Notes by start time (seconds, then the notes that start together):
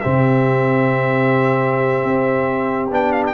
0.00 C3 C4 G4 E5
2.04 C4
2.90 B3 D4 G5
3.12 F5
3.26 G5